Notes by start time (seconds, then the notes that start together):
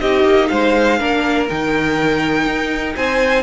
0.00 C4 D#4 G4 D#5
0.24 A#3
0.48 G#3 C5 F5
0.98 A#3 D4 A#4
1.49 D#3 D#4 G5
2.46 D#4
2.95 C4 C5 G#5